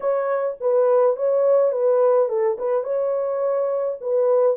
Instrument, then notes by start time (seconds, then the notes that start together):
horn
0.00 C#5
0.60 B4
1.16 C#5
1.71 B4
2.28 A4
2.58 B4
2.83 C#5
4.00 B4